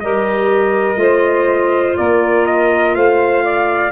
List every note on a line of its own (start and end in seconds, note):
0.00 0.97 G3
0.00 0.96 G4
0.00 1.01 A#4
0.00 1.97 D#5
0.96 1.95 A3
0.96 3.91 F4
0.96 1.98 C5
1.97 2.96 A#3
1.97 2.96 A#4
1.97 2.46 D5
2.46 2.95 D#5
2.95 3.92 A3
2.95 3.44 C5
2.95 3.92 F5
3.44 3.92 D5